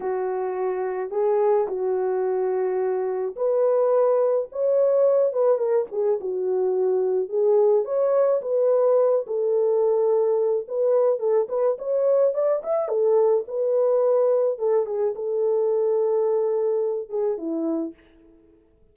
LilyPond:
\new Staff \with { instrumentName = "horn" } { \time 4/4 \tempo 4 = 107 fis'2 gis'4 fis'4~ | fis'2 b'2 | cis''4. b'8 ais'8 gis'8 fis'4~ | fis'4 gis'4 cis''4 b'4~ |
b'8 a'2~ a'8 b'4 | a'8 b'8 cis''4 d''8 e''8 a'4 | b'2 a'8 gis'8 a'4~ | a'2~ a'8 gis'8 e'4 | }